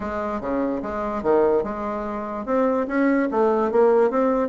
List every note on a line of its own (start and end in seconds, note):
0.00 0.40 G#3
0.40 0.81 C#3
0.82 1.22 G#3
1.22 1.63 D#3
1.63 2.45 G#3
2.45 2.87 C4
2.87 3.28 C#4
3.31 3.71 A3
3.71 4.10 A#3
4.10 4.49 C4